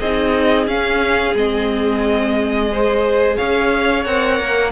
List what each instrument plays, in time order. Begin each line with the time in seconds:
0.00 cello C4, viola D#4, violin G#4 D#5
0.67 cello C#4, viola C#4, violin F5
1.35 cello G#3, viola C4, violin D#5
2.72 viola G#4, violin C5
3.37 cello C#4, violin C#5 F5
4.04 cello C4, viola A#4, violin F#5
4.40 cello A#3